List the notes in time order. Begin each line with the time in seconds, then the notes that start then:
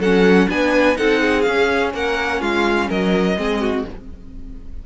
0.00 F#3 C#4 A4 F#5
0.49 B3 D4 B4 G#5
0.96 C4 D#4 A4 F#5
1.22 G#4
1.42 C#4 F5
1.94 A#3 A#4 F#5
2.41 G#3 F4 F5
2.89 F#3 A#4 D#5
3.37 G#3 C4 G#4
3.62 F#4